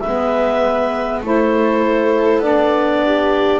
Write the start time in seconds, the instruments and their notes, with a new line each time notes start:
0.00 saxophone B3, viola B4, clarinet E5
0.07 double bass G#3
1.21 double bass A3, saxophone E4, viola A4, clarinet C5
2.38 double bass B3, saxophone D4, clarinet D5
3.05 viola G4